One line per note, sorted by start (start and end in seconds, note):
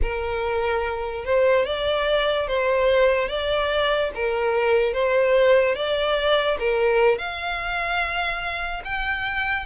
0.01 1.24 A#4
1.24 1.65 C5
1.65 2.47 D5
2.47 3.28 C5
3.28 4.10 D5
4.14 4.93 A#4
4.93 5.75 C5
5.75 6.57 D5
6.59 7.18 A#4
7.18 8.82 F5
8.84 9.66 G5